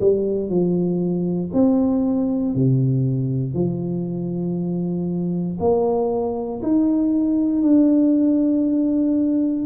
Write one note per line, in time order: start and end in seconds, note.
0.00 0.49 G3
0.49 1.51 F3
1.53 2.54 C4
2.55 3.54 C3
3.54 5.57 F3
5.59 6.61 A#3
6.62 7.62 D#4
7.62 9.66 D4